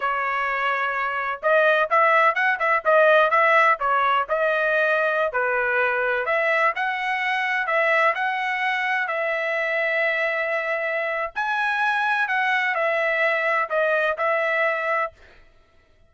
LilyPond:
\new Staff \with { instrumentName = "trumpet" } { \time 4/4 \tempo 4 = 127 cis''2. dis''4 | e''4 fis''8 e''8 dis''4 e''4 | cis''4 dis''2~ dis''16 b'8.~ | b'4~ b'16 e''4 fis''4.~ fis''16~ |
fis''16 e''4 fis''2 e''8.~ | e''1 | gis''2 fis''4 e''4~ | e''4 dis''4 e''2 | }